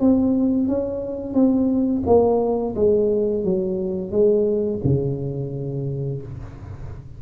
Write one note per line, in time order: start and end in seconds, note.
0.00 0.68 C4
0.68 1.34 C#4
1.34 2.03 C4
2.06 2.75 A#3
2.75 3.44 G#3
3.44 4.11 F#3
4.11 4.80 G#3
4.84 6.22 C#3